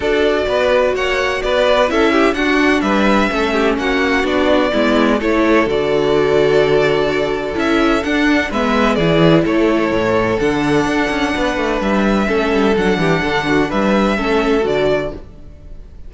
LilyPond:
<<
  \new Staff \with { instrumentName = "violin" } { \time 4/4 \tempo 4 = 127 d''2 fis''4 d''4 | e''4 fis''4 e''2 | fis''4 d''2 cis''4 | d''1 |
e''4 fis''4 e''4 d''4 | cis''2 fis''2~ | fis''4 e''2 fis''4~ | fis''4 e''2 d''4 | }
  \new Staff \with { instrumentName = "violin" } { \time 4/4 a'4 b'4 cis''4 b'4 | a'8 g'8 fis'4 b'4 a'8 g'8 | fis'2 e'4 a'4~ | a'1~ |
a'2 b'4 gis'4 | a'1 | b'2 a'4. g'8 | a'8 fis'8 b'4 a'2 | }
  \new Staff \with { instrumentName = "viola" } { \time 4/4 fis'1 | e'4 d'2 cis'4~ | cis'4 d'4 b4 e'4 | fis'1 |
e'4 d'4 b4 e'4~ | e'2 d'2~ | d'2 cis'4 d'4~ | d'2 cis'4 fis'4 | }
  \new Staff \with { instrumentName = "cello" } { \time 4/4 d'4 b4 ais4 b4 | cis'4 d'4 g4 a4 | ais4 b4 gis4 a4 | d1 |
cis'4 d'4 gis4 e4 | a4 a,4 d4 d'8 cis'8 | b8 a8 g4 a8 g8 fis8 e8 | d4 g4 a4 d4 | }
>>